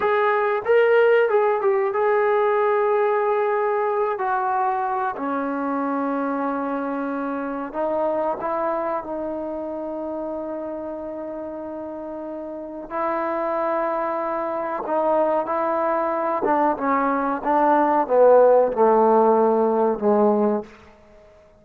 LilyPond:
\new Staff \with { instrumentName = "trombone" } { \time 4/4 \tempo 4 = 93 gis'4 ais'4 gis'8 g'8 gis'4~ | gis'2~ gis'8 fis'4. | cis'1 | dis'4 e'4 dis'2~ |
dis'1 | e'2. dis'4 | e'4. d'8 cis'4 d'4 | b4 a2 gis4 | }